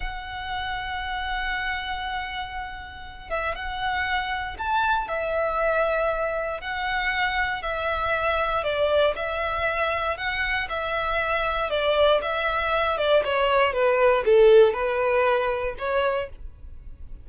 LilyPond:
\new Staff \with { instrumentName = "violin" } { \time 4/4 \tempo 4 = 118 fis''1~ | fis''2~ fis''8 e''8 fis''4~ | fis''4 a''4 e''2~ | e''4 fis''2 e''4~ |
e''4 d''4 e''2 | fis''4 e''2 d''4 | e''4. d''8 cis''4 b'4 | a'4 b'2 cis''4 | }